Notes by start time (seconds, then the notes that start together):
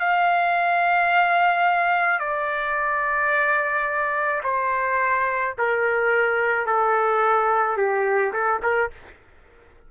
0.00 F5
2.19 D5
4.43 C5
5.58 A#4
6.66 A4
7.77 G4
8.33 A4
8.63 A#4